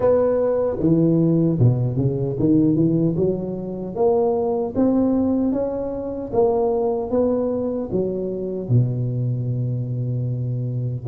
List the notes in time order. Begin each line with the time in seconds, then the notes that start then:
0.00 B3
0.79 E3
1.59 B2
1.97 C#3
2.39 D#3
2.75 E3
3.16 F#3
3.95 A#3
4.75 C4
5.52 C#4
6.32 A#3
7.10 B3
7.91 F#3
8.68 B2